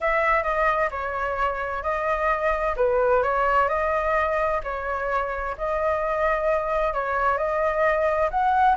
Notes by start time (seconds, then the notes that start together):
0.00 E5
0.43 D#5
0.90 C#5
1.83 D#5
2.76 B4
3.22 C#5
3.68 D#5
4.63 C#5
5.57 D#5
6.93 C#5
7.37 D#5
8.30 F#5